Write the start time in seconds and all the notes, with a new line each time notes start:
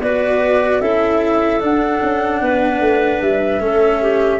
0.00 B3 F#4 B4 D5
0.81 C#4 E4 A4 E5
1.61 D4 F#5
2.03 C#4
2.42 B3 B4
2.81 A3
3.22 G3 E5
3.60 A3 C#4 A4
4.02 G4